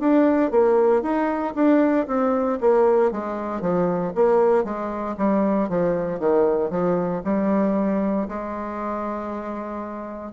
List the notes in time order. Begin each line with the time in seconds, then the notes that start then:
0.00 D4
0.51 A#3
1.03 D#4
1.56 D4
2.08 C4
2.61 A#3
3.12 G#3
3.62 F3
4.16 A#3
4.65 G#3
5.18 G3
5.69 F3
6.20 D#3
6.71 F3
7.25 G3
8.29 G#3